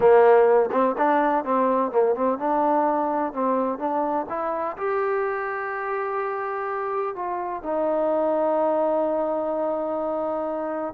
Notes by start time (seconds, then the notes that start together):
0.00 A#3
0.71 C4
0.97 D4
1.44 C4
1.91 A#3
2.15 C4
2.38 D4
3.33 C4
3.79 D4
4.29 E4
4.77 G4
7.15 F4
7.62 D#4